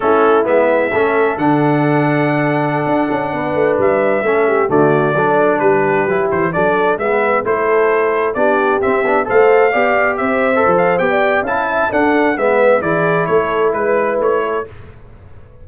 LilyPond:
<<
  \new Staff \with { instrumentName = "trumpet" } { \time 4/4 \tempo 4 = 131 a'4 e''2 fis''4~ | fis''1~ | fis''16 e''2 d''4.~ d''16~ | d''16 b'4. c''8 d''4 e''8.~ |
e''16 c''2 d''4 e''8.~ | e''16 f''2 e''4~ e''16 f''8 | g''4 a''4 fis''4 e''4 | d''4 cis''4 b'4 cis''4 | }
  \new Staff \with { instrumentName = "horn" } { \time 4/4 e'2 a'2~ | a'2.~ a'16 b'8.~ | b'4~ b'16 a'8 g'8 fis'4 a'8.~ | a'16 g'2 a'4 b'8.~ |
b'16 a'2 g'4.~ g'16~ | g'16 c''4 d''4 c''4.~ c''16~ | c''16 d''8. f''8 e''8 a'4 b'4 | gis'4 a'4 b'4. a'8 | }
  \new Staff \with { instrumentName = "trombone" } { \time 4/4 cis'4 b4 cis'4 d'4~ | d'1~ | d'4~ d'16 cis'4 a4 d'8.~ | d'4~ d'16 e'4 d'4 b8.~ |
b16 e'2 d'4 c'8 d'16~ | d'16 a'4 g'4.~ g'16 a'4 | g'4 e'4 d'4 b4 | e'1 | }
  \new Staff \with { instrumentName = "tuba" } { \time 4/4 a4 gis4 a4 d4~ | d2~ d16 d'8 cis'8 b8 a16~ | a16 g4 a4 d4 fis8.~ | fis16 g4 fis8 e8 fis4 gis8.~ |
gis16 a2 b4 c'8 b16~ | b16 a4 b4 c'4 f8. | b4 cis'4 d'4 gis4 | e4 a4 gis4 a4 | }
>>